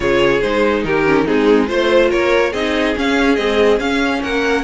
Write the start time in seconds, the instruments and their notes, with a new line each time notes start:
0.00 cello C#3, viola F4, violin G#4 C#5
0.41 cello G#3, viola D#4, violin C5
0.84 cello D#3, violin G4 A#4
1.05 viola C#4
1.25 viola C4, violin D#4 G#4
1.31 cello G#3
1.67 cello A3, viola F4, violin C5
2.09 cello A#3, violin A#4 C#5
2.51 cello C4, viola D#4, violin G#4 D#5
2.95 viola C#4, cello C#4, violin F5
3.35 viola G#3, cello C4, violin D#5
3.79 cello C#4, viola C#4, violin F5
4.23 cello A#3, violin A#4 F#5